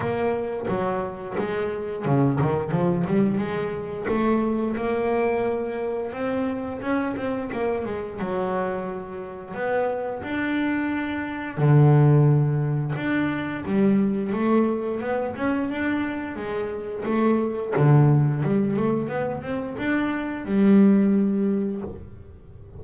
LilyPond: \new Staff \with { instrumentName = "double bass" } { \time 4/4 \tempo 4 = 88 ais4 fis4 gis4 cis8 dis8 | f8 g8 gis4 a4 ais4~ | ais4 c'4 cis'8 c'8 ais8 gis8 | fis2 b4 d'4~ |
d'4 d2 d'4 | g4 a4 b8 cis'8 d'4 | gis4 a4 d4 g8 a8 | b8 c'8 d'4 g2 | }